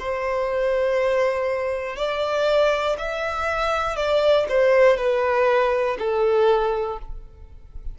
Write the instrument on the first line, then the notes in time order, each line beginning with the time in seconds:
violin
0.00 C5
1.96 D5
2.99 E5
3.97 D5
4.50 C5
4.97 B4
5.99 A4